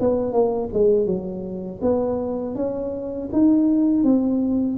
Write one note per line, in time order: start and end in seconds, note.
0.00 0.32 B3
0.32 0.69 A#3
0.73 1.06 G#3
1.06 1.80 F#3
1.81 2.55 B3
2.55 3.29 C#4
3.32 4.04 D#4
4.04 4.78 C4